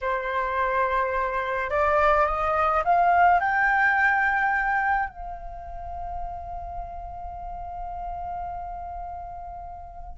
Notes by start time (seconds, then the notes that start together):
0.01 C5
1.70 D5
2.26 D#5
2.84 F5
3.40 G5
5.09 F5